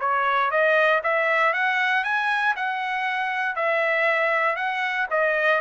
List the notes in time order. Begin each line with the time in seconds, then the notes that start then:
0.00 C#5
0.51 D#5
1.03 E5
1.53 F#5
2.04 G#5
2.56 F#5
3.55 E5
4.56 F#5
5.10 D#5